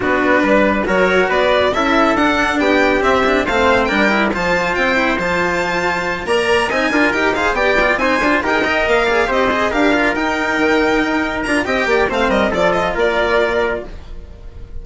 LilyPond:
<<
  \new Staff \with { instrumentName = "violin" } { \time 4/4 \tempo 4 = 139 b'2 cis''4 d''4 | e''4 fis''4 g''4 e''4 | f''4 g''4 a''4 g''4 | a''2~ a''8 ais''4 gis''8~ |
gis''8 g''8 f''8 g''4 gis''4 g''8~ | g''8 f''4 dis''4 f''4 g''8~ | g''2~ g''8 ais''8 g''4 | f''8 dis''8 d''8 dis''8 d''2 | }
  \new Staff \with { instrumentName = "trumpet" } { \time 4/4 fis'4 b'4 ais'4 b'4 | a'2 g'2 | c''4 ais'4 c''2~ | c''2~ c''8 d''4 dis''8 |
ais'4 c''8 d''4 c''4 ais'8 | dis''4 d''8 c''4 ais'4.~ | ais'2. dis''8 d''8 | c''8 ais'8 a'4 ais'2 | }
  \new Staff \with { instrumentName = "cello" } { \time 4/4 d'2 fis'2 | e'4 d'2 c'8 d'8 | c'4 d'8 e'8 f'4. e'8 | f'2~ f'8 ais'4 dis'8 |
f'8 g'8 gis'8 g'8 f'8 dis'8 f'8 g'16 gis'16 | ais'4 gis'8 g'8 gis'8 g'8 f'8 dis'8~ | dis'2~ dis'8 f'8 g'4 | c'4 f'2. | }
  \new Staff \with { instrumentName = "bassoon" } { \time 4/4 b4 g4 fis4 b4 | cis'4 d'4 b4 c'4 | a4 g4 f4 c'4 | f2~ f8 ais4 c'8 |
d'8 dis'4 b4 c'8 d'8 dis'8~ | dis'8 ais4 c'4 d'4 dis'8~ | dis'8 dis4 dis'4 d'8 c'8 ais8 | a8 g8 f4 ais2 | }
>>